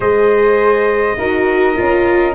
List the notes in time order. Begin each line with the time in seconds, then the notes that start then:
0.00 G#3 G#4 C5 D#5
1.17 D#4 F#4 A#4
1.75 C#4 F4